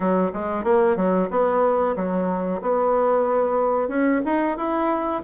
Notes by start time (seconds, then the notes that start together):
0.00 F#3
0.33 G#3
0.63 A#3
0.96 F#3
1.30 B3
1.96 F#3
2.61 B3
3.88 C#4
4.25 D#4
4.57 E4